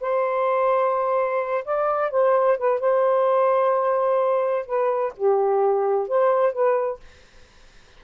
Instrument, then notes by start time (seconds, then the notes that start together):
saxophone
0.00 C5
1.64 D5
2.10 C5
2.57 B4
2.80 C5
4.66 B4
5.16 G4
6.08 C5
6.53 B4